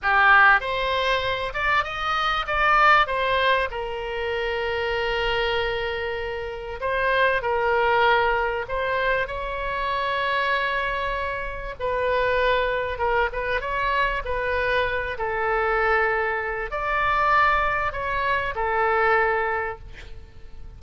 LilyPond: \new Staff \with { instrumentName = "oboe" } { \time 4/4 \tempo 4 = 97 g'4 c''4. d''8 dis''4 | d''4 c''4 ais'2~ | ais'2. c''4 | ais'2 c''4 cis''4~ |
cis''2. b'4~ | b'4 ais'8 b'8 cis''4 b'4~ | b'8 a'2~ a'8 d''4~ | d''4 cis''4 a'2 | }